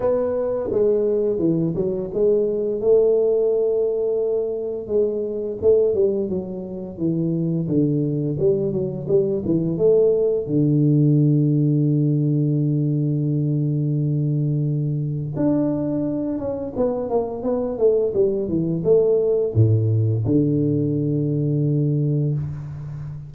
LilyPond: \new Staff \with { instrumentName = "tuba" } { \time 4/4 \tempo 4 = 86 b4 gis4 e8 fis8 gis4 | a2. gis4 | a8 g8 fis4 e4 d4 | g8 fis8 g8 e8 a4 d4~ |
d1~ | d2 d'4. cis'8 | b8 ais8 b8 a8 g8 e8 a4 | a,4 d2. | }